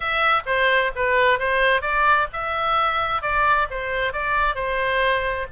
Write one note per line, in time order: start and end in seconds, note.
0.00 0.41 E5
0.46 0.91 C5
0.95 1.39 B4
1.39 1.81 C5
1.81 2.27 D5
2.32 3.21 E5
3.21 3.67 D5
3.70 4.13 C5
4.13 4.55 D5
4.55 5.46 C5